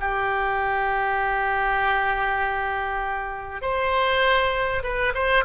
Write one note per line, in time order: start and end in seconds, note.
0.00 3.61 G4
3.61 4.83 C5
4.83 5.13 B4
5.14 5.45 C5